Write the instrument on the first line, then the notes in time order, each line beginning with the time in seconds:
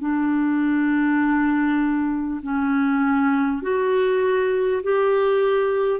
clarinet
0.00 D4
2.42 C#4
3.62 F#4
4.83 G4